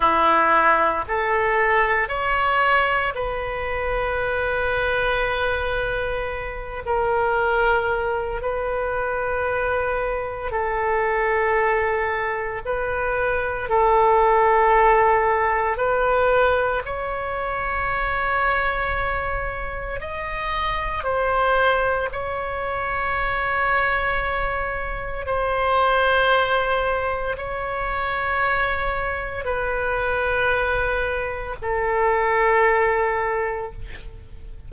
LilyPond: \new Staff \with { instrumentName = "oboe" } { \time 4/4 \tempo 4 = 57 e'4 a'4 cis''4 b'4~ | b'2~ b'8 ais'4. | b'2 a'2 | b'4 a'2 b'4 |
cis''2. dis''4 | c''4 cis''2. | c''2 cis''2 | b'2 a'2 | }